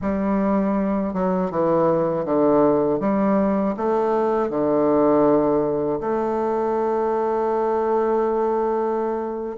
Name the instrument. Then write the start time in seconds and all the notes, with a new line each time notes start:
bassoon
0.01 G3
1.13 F#3
1.50 E3
2.25 D3
3.00 G3
3.76 A3
4.50 D3
6.00 A3